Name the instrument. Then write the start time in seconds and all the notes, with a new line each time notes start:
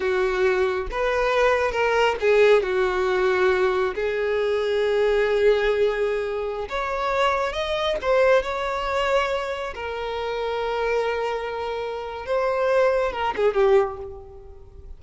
violin
0.00 F#4
0.91 B4
1.71 A#4
2.20 G#4
2.63 F#4
3.94 G#4
6.69 C#5
7.52 D#5
8.01 C5
8.42 C#5
9.74 A#4
12.25 C5
13.12 A#4
13.36 G#4
13.53 G4